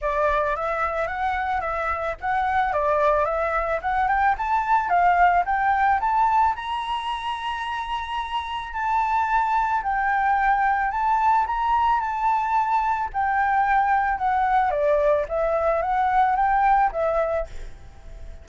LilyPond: \new Staff \with { instrumentName = "flute" } { \time 4/4 \tempo 4 = 110 d''4 e''4 fis''4 e''4 | fis''4 d''4 e''4 fis''8 g''8 | a''4 f''4 g''4 a''4 | ais''1 |
a''2 g''2 | a''4 ais''4 a''2 | g''2 fis''4 d''4 | e''4 fis''4 g''4 e''4 | }